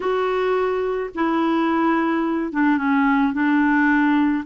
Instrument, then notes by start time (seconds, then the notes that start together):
clarinet
0.00 F#4
1.14 E4
2.52 D4
2.77 C#4
3.33 D4